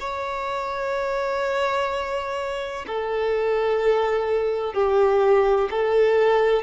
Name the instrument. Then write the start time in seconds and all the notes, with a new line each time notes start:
violin
0.00 C#5
2.87 A4
4.74 G4
5.70 A4